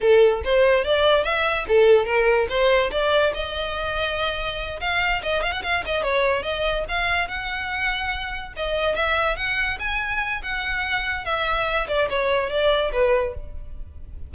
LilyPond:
\new Staff \with { instrumentName = "violin" } { \time 4/4 \tempo 4 = 144 a'4 c''4 d''4 e''4 | a'4 ais'4 c''4 d''4 | dis''2.~ dis''8 f''8~ | f''8 dis''8 f''16 fis''16 f''8 dis''8 cis''4 dis''8~ |
dis''8 f''4 fis''2~ fis''8~ | fis''8 dis''4 e''4 fis''4 gis''8~ | gis''4 fis''2 e''4~ | e''8 d''8 cis''4 d''4 b'4 | }